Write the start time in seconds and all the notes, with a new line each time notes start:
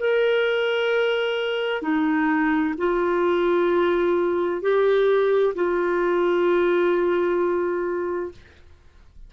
0.00 A#4
1.83 D#4
2.78 F4
4.62 G4
5.56 F4